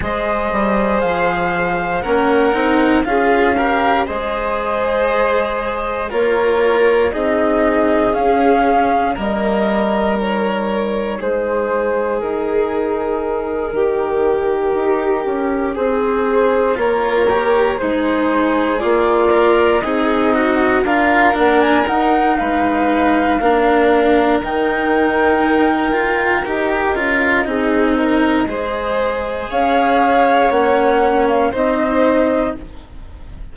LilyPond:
<<
  \new Staff \with { instrumentName = "flute" } { \time 4/4 \tempo 4 = 59 dis''4 f''4 fis''4 f''4 | dis''2 cis''4 dis''4 | f''4 dis''4 cis''4 c''4 | ais'2.~ ais'8 c''8~ |
c''8 cis''4 c''4 d''4 dis''8~ | dis''8 f''8 fis''16 gis''16 fis''8 f''2 | g''2 dis''2~ | dis''4 f''4 fis''8. f''16 dis''4 | }
  \new Staff \with { instrumentName = "violin" } { \time 4/4 c''2 ais'4 gis'8 ais'8 | c''2 ais'4 gis'4~ | gis'4 ais'2 gis'4~ | gis'4. g'2 gis'8~ |
gis'8 ais'4 dis'4 f'4 dis'8~ | dis'8 ais'4. b'4 ais'4~ | ais'2. gis'8 ais'8 | c''4 cis''2 c''4 | }
  \new Staff \with { instrumentName = "cello" } { \time 4/4 gis'2 cis'8 dis'8 f'8 g'8 | gis'2 f'4 dis'4 | cis'4 ais4 dis'2~ | dis'1~ |
dis'8 f'8 g'8 gis'4. ais'8 gis'8 | fis'8 f'8 d'8 dis'4. d'4 | dis'4. f'8 g'8 f'8 dis'4 | gis'2 cis'4 dis'4 | }
  \new Staff \with { instrumentName = "bassoon" } { \time 4/4 gis8 g8 f4 ais8 c'8 cis'4 | gis2 ais4 c'4 | cis'4 g2 gis4 | dis'4. dis4 dis'8 cis'8 c'8~ |
c'8 ais4 gis4 ais4 c'8~ | c'8 d'8 ais8 dis'8 gis4 ais4 | dis2 dis'8 cis'8 c'4 | gis4 cis'4 ais4 c'4 | }
>>